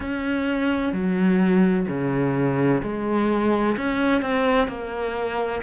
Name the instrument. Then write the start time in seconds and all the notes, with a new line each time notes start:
cello
0.00 C#4
0.92 F#3
1.88 C#3
2.82 G#3
3.77 C#4
4.21 C4
4.67 A#3